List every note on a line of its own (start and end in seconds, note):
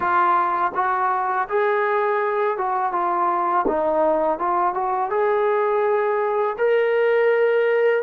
0.00 0.72 F4
0.74 1.47 F#4
1.48 2.57 G#4
2.57 2.92 F#4
2.92 3.65 F4
3.67 4.38 D#4
4.38 4.74 F4
4.74 5.10 F#4
5.10 6.56 G#4
6.58 8.03 A#4